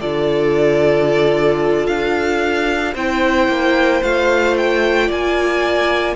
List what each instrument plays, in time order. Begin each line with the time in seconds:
0.00 cello D3, viola F4, violin A4 D5
1.86 cello D4, violin F5
2.93 cello C4, viola E4, violin C5 G5
3.48 cello A#3
4.02 cello A3, viola F4, violin F5
4.57 violin G5
5.07 cello A#3, violin D5 G#5